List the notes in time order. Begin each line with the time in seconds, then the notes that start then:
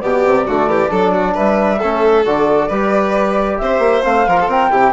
0.00 B2 B3 G4 D5
0.25 C3
0.47 D3 A3 F#4
0.67 E3 G4
0.88 F#3 D4 A4
1.13 F#4
1.34 G3 B4 E5
1.79 A3 C#4 A4
2.25 D3 F#4 D5
2.68 G3 G4 B4
3.58 C4 C5 E5
3.79 A#3
4.02 A3 C4 F5
4.27 F3 F4 A#4
4.40 A4
4.47 C4 A#4 G5
4.70 C3 E4 G4